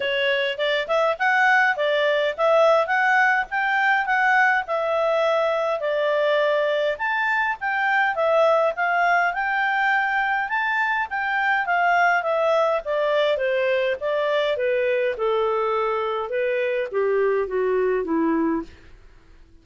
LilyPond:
\new Staff \with { instrumentName = "clarinet" } { \time 4/4 \tempo 4 = 103 cis''4 d''8 e''8 fis''4 d''4 | e''4 fis''4 g''4 fis''4 | e''2 d''2 | a''4 g''4 e''4 f''4 |
g''2 a''4 g''4 | f''4 e''4 d''4 c''4 | d''4 b'4 a'2 | b'4 g'4 fis'4 e'4 | }